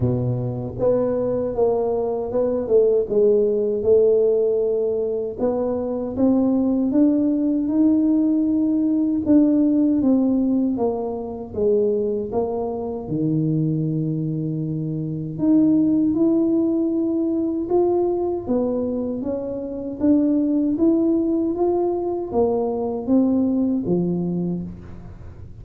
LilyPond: \new Staff \with { instrumentName = "tuba" } { \time 4/4 \tempo 4 = 78 b,4 b4 ais4 b8 a8 | gis4 a2 b4 | c'4 d'4 dis'2 | d'4 c'4 ais4 gis4 |
ais4 dis2. | dis'4 e'2 f'4 | b4 cis'4 d'4 e'4 | f'4 ais4 c'4 f4 | }